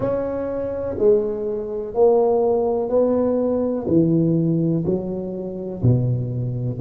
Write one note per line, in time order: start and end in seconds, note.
0.00 0.95 C#4
0.98 1.94 G#3
1.94 2.89 A#3
2.89 3.85 B3
3.87 4.84 E3
4.85 5.82 F#3
5.82 6.79 B2